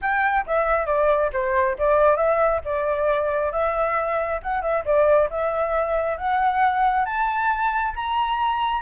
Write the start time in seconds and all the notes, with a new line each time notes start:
0.01 G5
0.46 E5
0.86 D5
1.32 C5
1.78 D5
2.16 E5
2.64 D5
3.52 E5
4.42 F#5
4.62 E5
4.85 D5
5.29 E5
6.17 F#5
7.05 A5
7.95 A#5